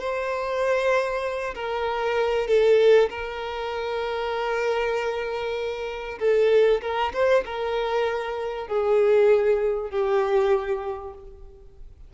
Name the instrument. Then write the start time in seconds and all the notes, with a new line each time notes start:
violin
0.00 C5
1.55 A#4
2.48 A4
3.10 A#4
6.19 A4
6.82 A#4
7.13 C5
7.46 A#4
8.68 G#4
9.91 G4